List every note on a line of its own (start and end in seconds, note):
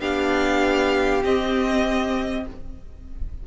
0.00 1.23 B3
0.00 1.22 D4
0.00 2.45 G4
0.00 1.23 F5
1.22 2.45 C4
1.22 2.46 C4
1.22 2.47 D#5